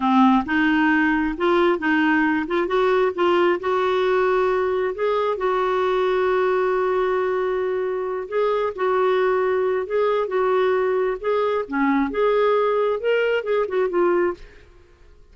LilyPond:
\new Staff \with { instrumentName = "clarinet" } { \time 4/4 \tempo 4 = 134 c'4 dis'2 f'4 | dis'4. f'8 fis'4 f'4 | fis'2. gis'4 | fis'1~ |
fis'2~ fis'8 gis'4 fis'8~ | fis'2 gis'4 fis'4~ | fis'4 gis'4 cis'4 gis'4~ | gis'4 ais'4 gis'8 fis'8 f'4 | }